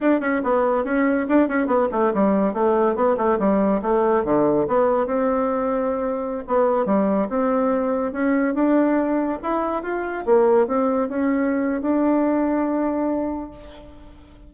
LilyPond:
\new Staff \with { instrumentName = "bassoon" } { \time 4/4 \tempo 4 = 142 d'8 cis'8 b4 cis'4 d'8 cis'8 | b8 a8 g4 a4 b8 a8 | g4 a4 d4 b4 | c'2.~ c'16 b8.~ |
b16 g4 c'2 cis'8.~ | cis'16 d'2 e'4 f'8.~ | f'16 ais4 c'4 cis'4.~ cis'16 | d'1 | }